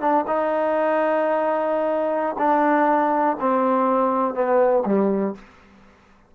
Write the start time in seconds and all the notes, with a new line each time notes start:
0.00 D4
0.27 D#4
2.38 D4
3.40 C4
4.34 B3
4.85 G3